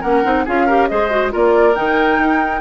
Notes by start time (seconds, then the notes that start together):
0.00 A#3 C#4 A#4 F#5
0.24 C4 D#4
0.45 C#4 F4 G#4 F5
0.66 G4 A#4
0.88 G#3 G#4 C5 D#5
1.10 F#4
1.30 A#3 F4 A#4 D5
1.74 D#3 D#4 G5
2.18 D#4